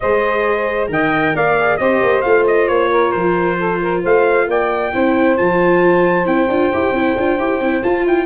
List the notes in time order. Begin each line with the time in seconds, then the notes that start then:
0.00 G#3 G#4 C5 D#5
0.87 D#3 A#4 D#5 G5
1.34 A#3 D5 F5
1.59 G#4
1.77 C4 G4 C5 D#5
2.01 A#3
2.21 A3 F4 F5
2.47 D#5
2.68 A#3 C#5
2.90 A#4
3.11 F3 C5
3.58 A4
3.81 A#4
4.01 A3 C5 F5
4.47 A#3 D5 G5
4.92 C4 E4 C5
5.37 F3 F4 A5
6.25 C4 E4 G5
6.48 D4 F4
6.72 E4 G4
6.91 C4 E4
7.16 D4 F4
7.38 E4 G4
7.60 C4 E4
7.82 F4 A5
8.05 E4 G5